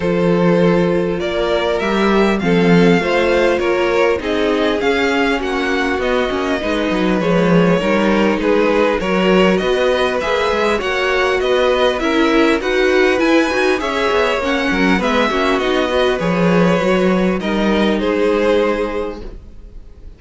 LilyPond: <<
  \new Staff \with { instrumentName = "violin" } { \time 4/4 \tempo 4 = 100 c''2 d''4 e''4 | f''2 cis''4 dis''4 | f''4 fis''4 dis''2 | cis''2 b'4 cis''4 |
dis''4 e''4 fis''4 dis''4 | e''4 fis''4 gis''4 e''4 | fis''4 e''4 dis''4 cis''4~ | cis''4 dis''4 c''2 | }
  \new Staff \with { instrumentName = "violin" } { \time 4/4 a'2 ais'2 | a'4 c''4 ais'4 gis'4~ | gis'4 fis'2 b'4~ | b'4 ais'4 gis'4 ais'4 |
b'2 cis''4 b'4 | ais'4 b'2 cis''4~ | cis''8 ais'8 b'8 fis'4 b'4.~ | b'4 ais'4 gis'2 | }
  \new Staff \with { instrumentName = "viola" } { \time 4/4 f'2. g'4 | c'4 f'2 dis'4 | cis'2 b8 cis'8 dis'4 | gis4 dis'2 fis'4~ |
fis'4 gis'4 fis'2 | e'4 fis'4 e'8 fis'8 gis'4 | cis'4 b8 cis'8 dis'8 fis'8 gis'4 | fis'4 dis'2. | }
  \new Staff \with { instrumentName = "cello" } { \time 4/4 f2 ais4 g4 | f4 a4 ais4 c'4 | cis'4 ais4 b8 ais8 gis8 fis8 | f4 g4 gis4 fis4 |
b4 ais8 gis8 ais4 b4 | cis'4 dis'4 e'8 dis'8 cis'8 b8 | ais8 fis8 gis8 ais8 b4 f4 | fis4 g4 gis2 | }
>>